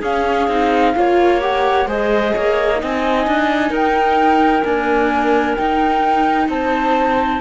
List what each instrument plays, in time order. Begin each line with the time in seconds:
0.00 cello C#4, viola C#4, clarinet G#4, flute F5
0.48 cello C4, viola D#4
0.95 cello A#3, viola F4, clarinet C#5
1.41 viola G4, flute F#5
1.87 cello G#3, viola G#4, clarinet C5, flute D#5
2.35 cello A#3, clarinet C#5
2.77 viola D#4, clarinet D#5, flute G#5
2.83 cello C4
3.27 cello D4
3.70 cello D#4, clarinet A#4, flute G5
4.64 viola A#3, cello D4, flute G#5
5.56 viola D#4, cello D#4, flute G5
6.49 cello C4, clarinet C5, flute A5